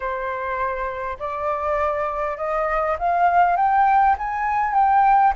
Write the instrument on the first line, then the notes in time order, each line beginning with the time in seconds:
flute
0.00 C5
1.19 D5
2.37 D#5
2.98 F5
3.56 G5
4.18 G#5
4.74 G5